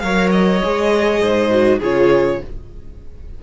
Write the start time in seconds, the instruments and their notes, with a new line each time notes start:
0.00 cello F#3, viola A#4, violin C#5 F5
0.31 violin D#5
0.63 cello G#3, viola G#4
1.21 cello G#2, violin C5
1.50 viola F#4
1.79 cello C#3, viola F4, violin G#4 C#5